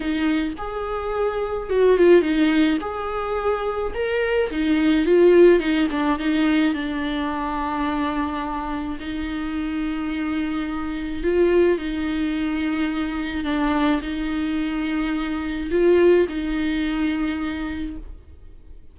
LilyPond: \new Staff \with { instrumentName = "viola" } { \time 4/4 \tempo 4 = 107 dis'4 gis'2 fis'8 f'8 | dis'4 gis'2 ais'4 | dis'4 f'4 dis'8 d'8 dis'4 | d'1 |
dis'1 | f'4 dis'2. | d'4 dis'2. | f'4 dis'2. | }